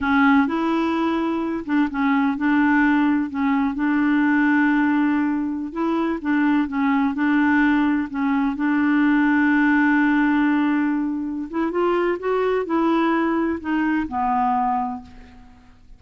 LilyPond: \new Staff \with { instrumentName = "clarinet" } { \time 4/4 \tempo 4 = 128 cis'4 e'2~ e'8 d'8 | cis'4 d'2 cis'4 | d'1~ | d'16 e'4 d'4 cis'4 d'8.~ |
d'4~ d'16 cis'4 d'4.~ d'16~ | d'1~ | d'8 e'8 f'4 fis'4 e'4~ | e'4 dis'4 b2 | }